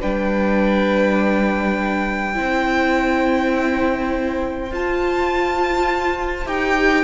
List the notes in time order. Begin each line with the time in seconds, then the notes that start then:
0.00 G3 D4 B4 G5
2.34 C4 E4 C5
4.71 F4 A5
6.46 D#4 G4 G5